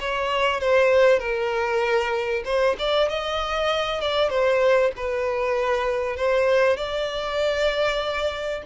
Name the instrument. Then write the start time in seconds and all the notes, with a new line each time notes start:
violin
0.00 C#5
0.60 C5
1.19 A#4
2.45 C5
2.79 D5
3.09 D#5
4.01 D5
4.30 C5
4.97 B4
6.16 C5
6.77 D5